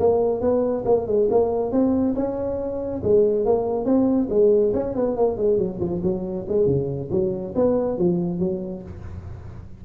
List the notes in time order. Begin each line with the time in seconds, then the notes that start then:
0.00 A#3
0.41 B3
0.85 A#3
1.07 G#3
1.31 A#3
1.72 C4
2.15 C#4
3.03 G#3
3.45 A#3
3.86 C4
4.30 G#3
4.74 C#4
4.96 B3
5.17 A#3
5.37 G#3
5.58 F#3
5.80 F3
6.04 F#3
6.49 G#3
6.67 C#3
7.11 F#3
7.55 B3
7.98 F3
8.40 F#3